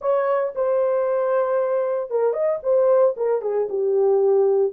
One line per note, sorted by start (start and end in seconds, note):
0.01 0.54 C#5
0.55 2.10 C5
2.10 2.33 A#4
2.33 2.59 D#5
2.62 3.15 C5
3.16 3.41 A#4
3.41 3.67 G#4
3.69 4.72 G4